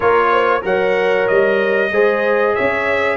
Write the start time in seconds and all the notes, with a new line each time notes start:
0.00 A#3 F4 A#4 C#5
0.32 C5
0.61 F#3 A#4 C#5 F#5
1.27 G3 D#5
1.91 G#3 G#4 C5
2.54 C#4 C#5 E5